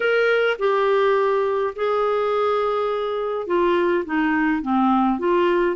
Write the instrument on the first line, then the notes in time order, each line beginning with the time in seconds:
clarinet
0.00 A#4
0.58 G4
1.75 G#4
3.46 F4
4.05 D#4
4.62 C4
5.18 F4